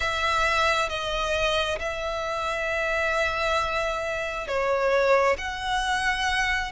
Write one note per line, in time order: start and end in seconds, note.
0.00 0.89 E5
0.89 1.78 D#5
1.79 4.47 E5
4.47 5.36 C#5
5.37 6.71 F#5